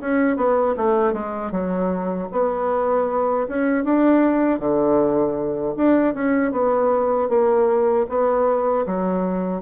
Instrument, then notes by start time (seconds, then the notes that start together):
bassoon
0.00 C#4
0.36 B3
0.76 A3
1.13 G#3
1.51 F#3
2.31 B3
3.48 C#4
3.84 D4
4.59 D3
5.76 D4
6.14 C#4
6.51 B3
7.29 A#3
8.09 B3
8.86 F#3